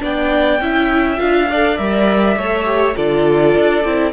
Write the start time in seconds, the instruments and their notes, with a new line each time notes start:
0.00 cello B3, viola D4, violin D5 G5
0.61 cello C#4, viola E4, violin E5
1.17 cello D4, viola F4, violin F5
1.50 viola A4, violin D5
1.78 cello G3, viola A#4, violin E5
2.36 cello A3, viola A4, violin C#5
2.65 viola G4
2.96 cello D3, viola F4, violin A4 D5
3.57 cello D4
3.84 cello C4, viola E4